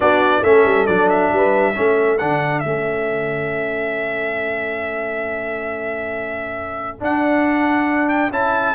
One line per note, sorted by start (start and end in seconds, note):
0.00 0.42 B3
0.00 0.43 D4
0.00 0.43 F#4
0.00 0.43 D5
0.42 0.64 A3
0.42 0.87 C#4
0.42 1.34 A4
0.42 0.86 E5
0.64 0.86 G3
0.86 1.31 F#3
0.86 1.74 D4
0.86 1.08 D5
1.09 2.18 E5
1.31 1.75 G3
1.31 1.75 B4
1.74 2.22 A3
1.74 2.18 C#4
1.74 8.75 A4
2.18 2.64 D3
2.18 2.63 D4
2.18 2.59 F#5
2.59 7.01 A3
2.59 7.00 C#4
2.59 6.97 E5
7.00 8.31 D4
7.00 8.30 D4
7.00 8.08 F#5
8.08 8.30 G5
8.30 8.74 C#4
8.30 8.75 E4
8.30 8.75 A5